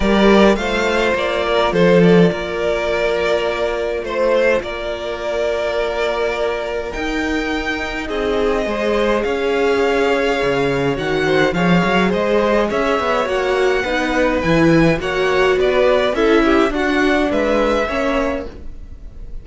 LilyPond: <<
  \new Staff \with { instrumentName = "violin" } { \time 4/4 \tempo 4 = 104 d''4 f''4 d''4 c''8 d''8~ | d''2. c''4 | d''1 | g''2 dis''2 |
f''2. fis''4 | f''4 dis''4 e''4 fis''4~ | fis''4 gis''4 fis''4 d''4 | e''4 fis''4 e''2 | }
  \new Staff \with { instrumentName = "violin" } { \time 4/4 ais'4 c''4. ais'8 a'4 | ais'2. c''4 | ais'1~ | ais'2 gis'4 c''4 |
cis''2.~ cis''8 c''8 | cis''4 c''4 cis''2 | b'2 cis''4 b'4 | a'8 g'8 fis'4 b'4 cis''4 | }
  \new Staff \with { instrumentName = "viola" } { \time 4/4 g'4 f'2.~ | f'1~ | f'1 | dis'2. gis'4~ |
gis'2. fis'4 | gis'2. fis'4 | dis'4 e'4 fis'2 | e'4 d'2 cis'4 | }
  \new Staff \with { instrumentName = "cello" } { \time 4/4 g4 a4 ais4 f4 | ais2. a4 | ais1 | dis'2 c'4 gis4 |
cis'2 cis4 dis4 | f8 fis8 gis4 cis'8 b8 ais4 | b4 e4 ais4 b4 | cis'4 d'4 gis4 ais4 | }
>>